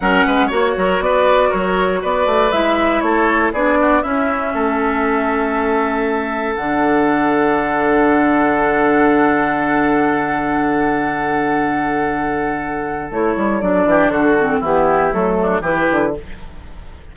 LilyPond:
<<
  \new Staff \with { instrumentName = "flute" } { \time 4/4 \tempo 4 = 119 fis''4 cis''4 d''4 cis''4 | d''4 e''4 cis''4 d''4 | e''1~ | e''4 fis''2.~ |
fis''1~ | fis''1~ | fis''2 cis''4 d''4 | a'4 g'4 a'4 b'4 | }
  \new Staff \with { instrumentName = "oboe" } { \time 4/4 ais'8 b'8 cis''8 ais'8 b'4 ais'4 | b'2 a'4 gis'8 fis'8 | e'4 a'2.~ | a'1~ |
a'1~ | a'1~ | a'2.~ a'8 g'8 | fis'4 e'4. d'8 g'4 | }
  \new Staff \with { instrumentName = "clarinet" } { \time 4/4 cis'4 fis'2.~ | fis'4 e'2 d'4 | cis'1~ | cis'4 d'2.~ |
d'1~ | d'1~ | d'2 e'4 d'4~ | d'8 c'8 b4 a4 e'4 | }
  \new Staff \with { instrumentName = "bassoon" } { \time 4/4 fis8 gis8 ais8 fis8 b4 fis4 | b8 a8 gis4 a4 b4 | cis'4 a2.~ | a4 d2.~ |
d1~ | d1~ | d2 a8 g8 fis8 e8 | d4 e4 fis4 e8 d8 | }
>>